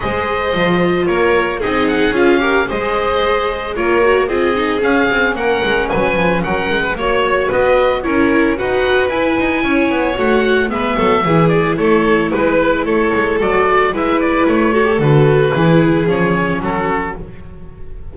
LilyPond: <<
  \new Staff \with { instrumentName = "oboe" } { \time 4/4 \tempo 4 = 112 dis''2 cis''4 dis''8 fis''8 | f''4 dis''2 cis''4 | dis''4 f''4 fis''4 gis''4 | fis''4 cis''4 dis''4 cis''4 |
fis''4 gis''2 fis''4 | e''4. d''8 cis''4 b'4 | cis''4 d''4 e''8 d''8 cis''4 | b'2 cis''4 a'4 | }
  \new Staff \with { instrumentName = "violin" } { \time 4/4 c''2 ais'4 gis'4~ | gis'8 ais'8 c''2 ais'4 | gis'2 ais'4 b'4 | ais'8. b'16 cis''4 b'4 ais'4 |
b'2 cis''2 | b'8 a'8 gis'4 a'4 b'4 | a'2 b'4. a'8~ | a'4 gis'2 fis'4 | }
  \new Staff \with { instrumentName = "viola" } { \time 4/4 gis'4 f'2 dis'4 | f'8 g'8 gis'2 f'8 fis'8 | f'8 dis'8 cis'2.~ | cis'4 fis'2 e'4 |
fis'4 e'2 fis'4 | b4 e'2.~ | e'4 fis'4 e'4. fis'16 g'16 | fis'4 e'4 cis'2 | }
  \new Staff \with { instrumentName = "double bass" } { \time 4/4 gis4 f4 ais4 c'4 | cis'4 gis2 ais4 | c'4 cis'8 c'8 ais8 gis8 fis8 f8 | fis8 gis8 ais4 b4 cis'4 |
dis'4 e'8 dis'8 cis'8 b8 a4 | gis8 fis8 e4 a4 gis4 | a8 gis8 fis4 gis4 a4 | d4 e4 f4 fis4 | }
>>